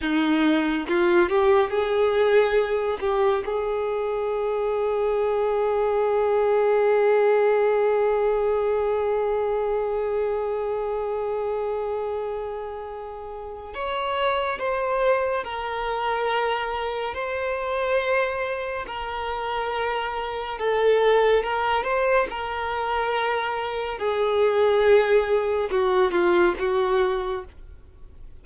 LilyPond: \new Staff \with { instrumentName = "violin" } { \time 4/4 \tempo 4 = 70 dis'4 f'8 g'8 gis'4. g'8 | gis'1~ | gis'1~ | gis'1 |
cis''4 c''4 ais'2 | c''2 ais'2 | a'4 ais'8 c''8 ais'2 | gis'2 fis'8 f'8 fis'4 | }